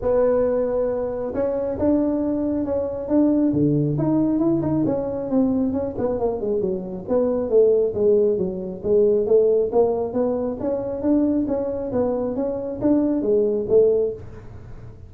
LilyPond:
\new Staff \with { instrumentName = "tuba" } { \time 4/4 \tempo 4 = 136 b2. cis'4 | d'2 cis'4 d'4 | d4 dis'4 e'8 dis'8 cis'4 | c'4 cis'8 b8 ais8 gis8 fis4 |
b4 a4 gis4 fis4 | gis4 a4 ais4 b4 | cis'4 d'4 cis'4 b4 | cis'4 d'4 gis4 a4 | }